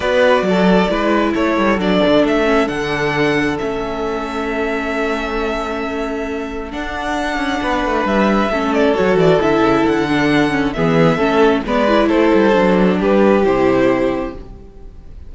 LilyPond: <<
  \new Staff \with { instrumentName = "violin" } { \time 4/4 \tempo 4 = 134 d''2. cis''4 | d''4 e''4 fis''2 | e''1~ | e''2. fis''4~ |
fis''2 e''4. d''8 | cis''8 d''8 e''4 fis''2 | e''2 d''4 c''4~ | c''4 b'4 c''2 | }
  \new Staff \with { instrumentName = "violin" } { \time 4/4 b'4 a'4 b'4 a'4~ | a'1~ | a'1~ | a'1~ |
a'4 b'2 a'4~ | a'1 | gis'4 a'4 b'4 a'4~ | a'4 g'2. | }
  \new Staff \with { instrumentName = "viola" } { \time 4/4 fis'2 e'2 | d'4. cis'8 d'2 | cis'1~ | cis'2. d'4~ |
d'2. cis'4 | fis'4 e'4. d'4 cis'8 | b4 cis'4 b8 e'4. | d'2 e'2 | }
  \new Staff \with { instrumentName = "cello" } { \time 4/4 b4 fis4 gis4 a8 g8 | fis8 d8 a4 d2 | a1~ | a2. d'4~ |
d'8 cis'8 b8 a8 g4 a4 | fis8 e8 d8 cis8 d2 | e4 a4 gis4 a8 g8 | fis4 g4 c2 | }
>>